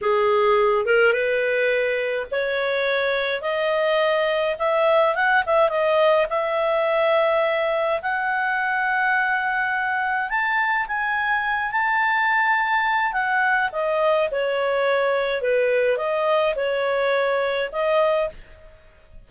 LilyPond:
\new Staff \with { instrumentName = "clarinet" } { \time 4/4 \tempo 4 = 105 gis'4. ais'8 b'2 | cis''2 dis''2 | e''4 fis''8 e''8 dis''4 e''4~ | e''2 fis''2~ |
fis''2 a''4 gis''4~ | gis''8 a''2~ a''8 fis''4 | dis''4 cis''2 b'4 | dis''4 cis''2 dis''4 | }